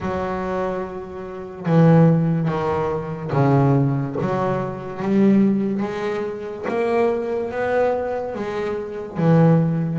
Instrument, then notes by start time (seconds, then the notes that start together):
double bass
0.00 F#3
1.66 E3
2.48 D#3
3.32 C#3
4.20 F#3
5.02 G3
5.82 G#3
6.68 A#3
7.51 B3
8.34 G#3
9.17 E3